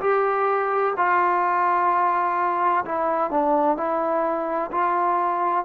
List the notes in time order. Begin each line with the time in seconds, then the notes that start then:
0.00 G4
0.97 F4
2.85 E4
3.31 D4
3.77 E4
4.72 F4